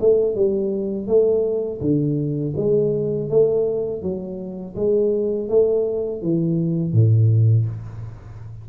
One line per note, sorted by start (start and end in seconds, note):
0.00 0.35 A3
0.35 1.07 G3
1.07 1.81 A3
1.81 2.54 D3
2.56 3.30 G#3
3.30 4.02 A3
4.02 4.75 F#3
4.76 5.49 G#3
5.49 6.22 A3
6.22 6.93 E3
6.93 7.66 A2